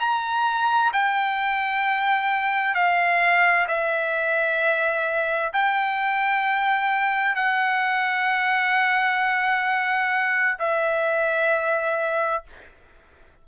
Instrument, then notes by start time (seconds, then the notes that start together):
trumpet
0.00 A#5
0.94 G5
2.75 F5
3.68 E5
5.53 G5
7.36 F#5
10.59 E5